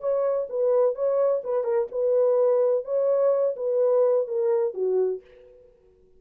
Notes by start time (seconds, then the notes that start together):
0.00 C#5
0.49 B4
0.95 C#5
1.44 B4
1.64 A#4
1.91 B4
2.84 C#5
3.56 B4
4.27 A#4
4.74 F#4